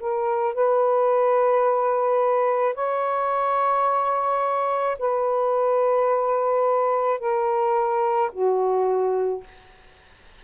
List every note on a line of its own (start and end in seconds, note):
0.00 0.55 A#4
0.55 2.75 B4
2.75 4.97 C#5
4.98 7.20 B4
7.20 8.31 A#4
8.32 9.43 F#4